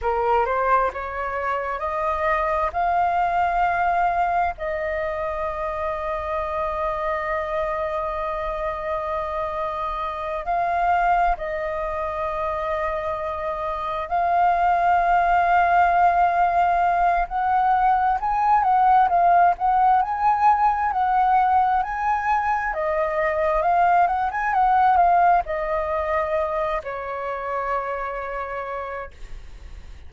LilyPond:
\new Staff \with { instrumentName = "flute" } { \time 4/4 \tempo 4 = 66 ais'8 c''8 cis''4 dis''4 f''4~ | f''4 dis''2.~ | dis''2.~ dis''8 f''8~ | f''8 dis''2. f''8~ |
f''2. fis''4 | gis''8 fis''8 f''8 fis''8 gis''4 fis''4 | gis''4 dis''4 f''8 fis''16 gis''16 fis''8 f''8 | dis''4. cis''2~ cis''8 | }